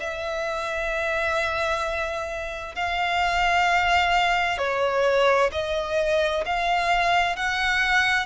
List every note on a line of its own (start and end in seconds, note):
0.00 2.75 E5
2.75 4.58 F5
4.58 5.50 C#5
5.52 6.44 D#5
6.46 7.36 F5
7.36 8.26 F#5